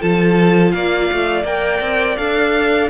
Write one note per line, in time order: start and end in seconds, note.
0.00 0.74 F3
0.00 1.45 F4
0.00 0.73 A4
0.00 0.72 A5
0.72 1.10 A#3
0.72 2.90 D5
0.72 1.44 F5
1.12 1.43 A3
1.43 1.80 A#3
1.43 2.17 A#4
1.43 2.17 G5
1.81 2.17 C4
2.17 2.90 D4
2.17 2.90 A4
2.17 2.89 F5